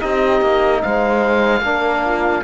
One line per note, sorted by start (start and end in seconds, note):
0.00 0.42 C4
0.00 1.62 D#4
0.00 0.82 G4
0.00 0.82 D#5
0.42 0.82 A#3
0.83 1.62 G#3
0.83 1.64 C5
0.83 2.44 F5
1.62 2.43 A#3
1.62 2.44 D4
1.62 2.05 A#4
2.05 2.44 F4